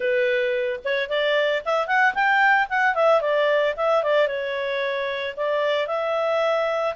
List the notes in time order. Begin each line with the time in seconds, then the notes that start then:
0.00 B4
0.84 C#5
1.09 D5
1.65 E5
1.87 F#5
2.14 G5
2.69 F#5
2.94 E5
3.21 D5
3.76 E5
4.03 D5
4.27 C#5
5.36 D5
5.87 E5